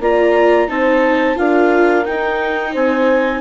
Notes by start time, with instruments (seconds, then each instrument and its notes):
0.00 bassoon A#3, viola F4, horn D5, clarinet A#5
0.68 bassoon C4, viola D#4, horn C5, clarinet A5
1.35 bassoon D4, viola F4, horn A#4, clarinet F5
2.05 viola D#4, bassoon D#4, clarinet G5
2.72 bassoon C4, horn C5, clarinet G#5